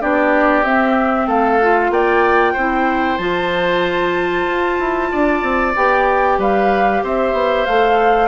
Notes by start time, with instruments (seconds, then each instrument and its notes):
0.00 bassoon B3, clarinet D4, oboe G4, flute D5
0.63 bassoon C4, clarinet C4, flute E5
1.27 bassoon A3, oboe A4, flute F5
1.61 clarinet F4
1.90 bassoon A#3, oboe D5, flute G5
2.53 bassoon C4, clarinet E4, oboe C5
3.17 bassoon F3, clarinet F4, flute A5
4.45 bassoon F4
4.79 bassoon E4
5.11 bassoon D4, oboe D5
5.42 bassoon C4
5.75 bassoon B3, clarinet G4, flute G5
6.38 bassoon G3, oboe B4, flute F5
7.03 bassoon C4, oboe C5, flute E5
7.33 bassoon B3
7.65 bassoon A3, clarinet A4, flute F5